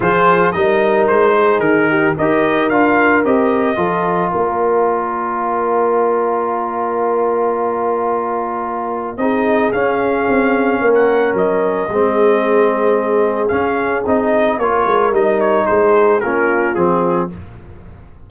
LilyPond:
<<
  \new Staff \with { instrumentName = "trumpet" } { \time 4/4 \tempo 4 = 111 c''4 dis''4 c''4 ais'4 | dis''4 f''4 dis''2 | d''1~ | d''1~ |
d''4 dis''4 f''2~ | f''16 fis''8. dis''2.~ | dis''4 f''4 dis''4 cis''4 | dis''8 cis''8 c''4 ais'4 gis'4 | }
  \new Staff \with { instrumentName = "horn" } { \time 4/4 gis'4 ais'4. gis'4 g'8 | ais'2. a'4 | ais'1~ | ais'1~ |
ais'4 gis'2. | ais'2 gis'2~ | gis'2. ais'4~ | ais'4 gis'4 f'2 | }
  \new Staff \with { instrumentName = "trombone" } { \time 4/4 f'4 dis'2. | g'4 f'4 g'4 f'4~ | f'1~ | f'1~ |
f'4 dis'4 cis'2~ | cis'2 c'2~ | c'4 cis'4 dis'4 f'4 | dis'2 cis'4 c'4 | }
  \new Staff \with { instrumentName = "tuba" } { \time 4/4 f4 g4 gis4 dis4 | dis'4 d'4 c'4 f4 | ais1~ | ais1~ |
ais4 c'4 cis'4 c'4 | ais4 fis4 gis2~ | gis4 cis'4 c'4 ais8 gis8 | g4 gis4 ais4 f4 | }
>>